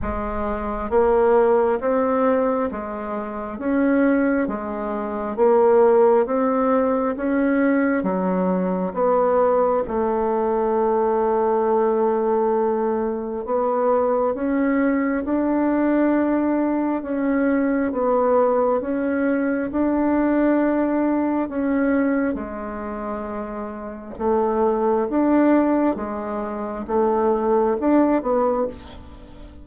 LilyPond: \new Staff \with { instrumentName = "bassoon" } { \time 4/4 \tempo 4 = 67 gis4 ais4 c'4 gis4 | cis'4 gis4 ais4 c'4 | cis'4 fis4 b4 a4~ | a2. b4 |
cis'4 d'2 cis'4 | b4 cis'4 d'2 | cis'4 gis2 a4 | d'4 gis4 a4 d'8 b8 | }